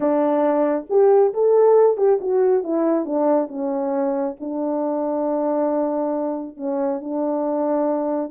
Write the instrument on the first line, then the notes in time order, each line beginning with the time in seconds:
horn
0.00 D4
0.89 G4
1.33 A4
1.97 G4
2.20 F#4
2.63 E4
3.05 D4
3.48 C#4
4.40 D4
6.56 C#4
7.00 D4